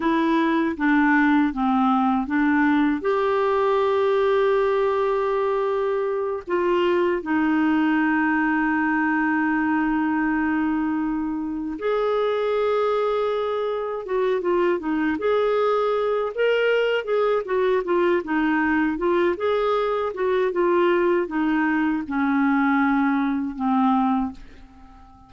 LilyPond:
\new Staff \with { instrumentName = "clarinet" } { \time 4/4 \tempo 4 = 79 e'4 d'4 c'4 d'4 | g'1~ | g'8 f'4 dis'2~ dis'8~ | dis'2.~ dis'8 gis'8~ |
gis'2~ gis'8 fis'8 f'8 dis'8 | gis'4. ais'4 gis'8 fis'8 f'8 | dis'4 f'8 gis'4 fis'8 f'4 | dis'4 cis'2 c'4 | }